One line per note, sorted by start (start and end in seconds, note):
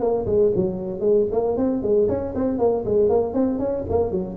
0.00 0.26 A#3
0.26 0.51 G#3
0.55 1.00 F#3
1.00 1.26 G#3
1.31 1.57 A#3
1.57 1.82 C4
1.82 2.08 G#3
2.08 2.34 C#4
2.35 2.58 C4
2.58 2.84 A#3
2.85 3.09 G#3
3.09 3.34 A#3
3.34 3.59 C4
3.59 3.84 C#4
3.89 4.11 A#3
4.11 4.37 F#3